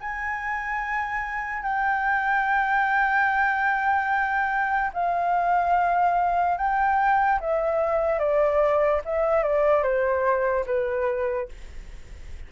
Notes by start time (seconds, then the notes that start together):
0.00 G#5
1.62 G5
4.93 F5
6.57 G5
7.40 E5
8.19 D5
9.05 E5
9.43 D5
9.83 C5
10.66 B4